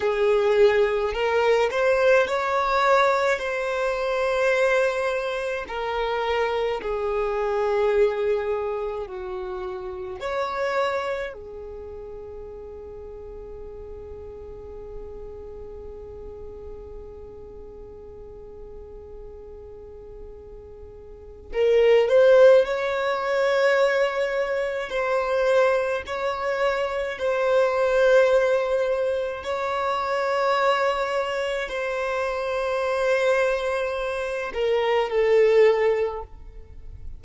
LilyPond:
\new Staff \with { instrumentName = "violin" } { \time 4/4 \tempo 4 = 53 gis'4 ais'8 c''8 cis''4 c''4~ | c''4 ais'4 gis'2 | fis'4 cis''4 gis'2~ | gis'1~ |
gis'2. ais'8 c''8 | cis''2 c''4 cis''4 | c''2 cis''2 | c''2~ c''8 ais'8 a'4 | }